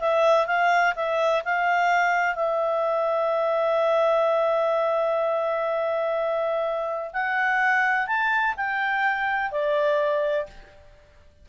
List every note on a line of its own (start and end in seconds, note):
0.00 0.47 E5
0.47 0.95 F5
0.96 1.44 E5
1.45 2.35 F5
2.35 7.12 E5
7.14 8.07 F#5
8.07 8.55 A5
8.57 9.52 G5
9.52 10.47 D5